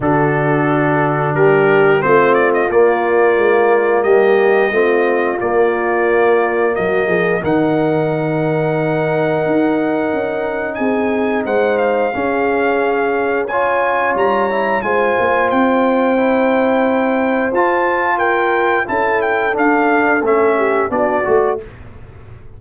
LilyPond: <<
  \new Staff \with { instrumentName = "trumpet" } { \time 4/4 \tempo 4 = 89 a'2 ais'4 c''8 d''16 dis''16 | d''2 dis''2 | d''2 dis''4 fis''4~ | fis''1 |
gis''4 fis''8 f''2~ f''8 | gis''4 ais''4 gis''4 g''4~ | g''2 a''4 g''4 | a''8 g''8 f''4 e''4 d''4 | }
  \new Staff \with { instrumentName = "horn" } { \time 4/4 fis'2 g'4 f'4~ | f'2 g'4 f'4~ | f'2 fis'8 gis'8 ais'4~ | ais'1 |
gis'4 c''4 gis'2 | cis''2 c''2~ | c''2. ais'4 | a'2~ a'8 g'8 fis'4 | }
  \new Staff \with { instrumentName = "trombone" } { \time 4/4 d'2. c'4 | ais2. c'4 | ais2. dis'4~ | dis'1~ |
dis'2 cis'2 | f'4. e'8 f'2 | e'2 f'2 | e'4 d'4 cis'4 d'8 fis'8 | }
  \new Staff \with { instrumentName = "tuba" } { \time 4/4 d2 g4 a4 | ais4 gis4 g4 a4 | ais2 fis8 f8 dis4~ | dis2 dis'4 cis'4 |
c'4 gis4 cis'2~ | cis'4 g4 gis8 ais8 c'4~ | c'2 f'2 | cis'4 d'4 a4 b8 a8 | }
>>